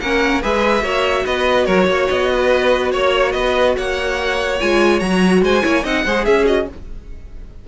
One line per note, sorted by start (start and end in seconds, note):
0.00 0.43 A#3
0.00 0.42 C#4
0.00 0.42 A#4
0.00 0.42 F#5
0.42 0.82 G#3
0.42 0.82 G#4
0.42 0.83 B4
0.42 1.26 E5
0.82 1.24 A#3
0.82 4.57 F#4
0.82 1.24 C#5
1.26 1.67 B3
1.26 1.65 B4
1.26 1.65 D#5
1.65 1.87 F#3
1.65 1.86 A#4
1.65 2.07 C#5
1.87 2.08 A#3
1.87 2.32 C#5
2.08 2.93 B3
2.08 2.91 D#5
2.33 2.91 B4
2.91 3.34 A#3
2.91 3.33 C#5
2.91 3.32 C#5
3.32 3.76 B3
3.32 3.75 B4
3.32 3.73 D#5
3.76 4.61 A#3
3.76 5.43 C#5
3.76 4.60 F#5
4.60 5.01 G#3
4.60 5.01 F4
4.60 5.00 G#5
5.00 5.42 F#3
5.00 5.62 F#4
5.00 5.41 A#5
5.42 5.63 G#3
5.42 5.63 C5
5.42 5.85 G#5
5.62 5.84 A#3
5.62 5.83 E4
5.62 5.84 C#5
5.84 6.05 C4
5.84 6.06 D#4
5.84 6.04 D#5
5.84 6.25 F#5
6.05 6.26 G#3
6.05 6.46 G#4
6.05 6.26 C5
6.25 6.68 C#4
6.25 6.67 G#4
6.25 6.45 E5
6.46 6.66 F#4
6.46 6.67 D#5